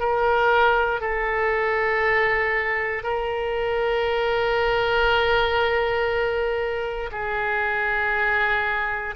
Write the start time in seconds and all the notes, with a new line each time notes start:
0.00 A#4
1.01 A4
3.03 A#4
7.12 G#4